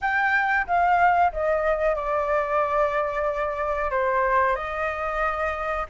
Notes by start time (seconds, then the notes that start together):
0.01 G5
0.67 F5
1.32 D#5
1.95 D5
3.90 C5
4.55 D#5